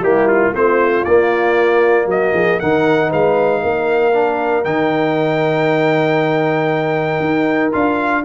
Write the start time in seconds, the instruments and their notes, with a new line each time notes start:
0.00 tuba G3, trombone A#3, horn E4, trumpet G4
0.28 trumpet F4
0.53 tuba A3, trombone C4, horn F4, trumpet C5
1.04 tuba A#3, trombone A#3, trumpet D5
2.06 tuba F#3, horn F#4, trumpet D#5
2.33 tuba F3, horn G#4
2.59 tuba D#3, trombone D#4, horn A#4, trumpet F#5
3.09 tuba G#3, horn B4, trumpet F5
3.62 tuba A#3, horn A#4
4.12 trombone D4
4.64 tuba D#3, trombone D#4, trumpet G5
7.20 tuba D#4
7.72 tuba D4, trombone F4, trumpet F5